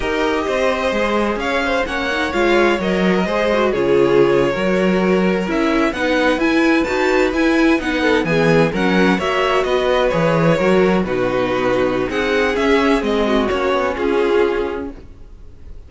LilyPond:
<<
  \new Staff \with { instrumentName = "violin" } { \time 4/4 \tempo 4 = 129 dis''2. f''4 | fis''4 f''4 dis''2 | cis''2.~ cis''8. e''16~ | e''8. fis''4 gis''4 a''4 gis''16~ |
gis''8. fis''4 gis''4 fis''4 e''16~ | e''8. dis''4 cis''2 b'16~ | b'2 fis''4 e''4 | dis''4 cis''4 gis'2 | }
  \new Staff \with { instrumentName = "violin" } { \time 4/4 ais'4 c''2 cis''8 c''8 | cis''2~ cis''8. ais'16 c''4 | gis'4.~ gis'16 ais'2~ ais'16~ | ais'8. b'2.~ b'16~ |
b'4~ b'16 a'8 gis'4 ais'4 cis''16~ | cis''8. b'2 ais'4 fis'16~ | fis'2 gis'2~ | gis'8 fis'4. f'2 | }
  \new Staff \with { instrumentName = "viola" } { \time 4/4 g'2 gis'2 | cis'8 dis'8 f'4 ais'4 gis'8 fis'8 | f'4.~ f'16 fis'2 e'16~ | e'8. dis'4 e'4 fis'4 e'16~ |
e'8. dis'4 b4 cis'4 fis'16~ | fis'4.~ fis'16 gis'4 fis'4 dis'16~ | dis'2. cis'4 | c'4 cis'2. | }
  \new Staff \with { instrumentName = "cello" } { \time 4/4 dis'4 c'4 gis4 cis'4 | ais4 gis4 fis4 gis4 | cis4.~ cis16 fis2 cis'16~ | cis'8. b4 e'4 dis'4 e'16~ |
e'8. b4 e4 fis4 ais16~ | ais8. b4 e4 fis4 b,16~ | b,2 c'4 cis'4 | gis4 ais8 b8 cis'2 | }
>>